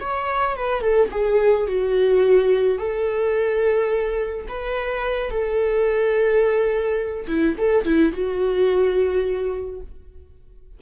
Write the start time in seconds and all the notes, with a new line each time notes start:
0.00 C#5
0.56 B4
0.81 A4
1.11 G#4
1.67 F#4
2.78 A4
4.48 B4
5.30 A4
7.27 E4
7.58 A4
7.85 E4
8.12 F#4